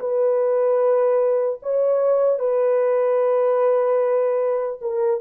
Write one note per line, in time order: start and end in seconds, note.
0.00 1.60 B4
1.63 2.39 C#5
2.39 4.79 B4
4.82 5.21 A#4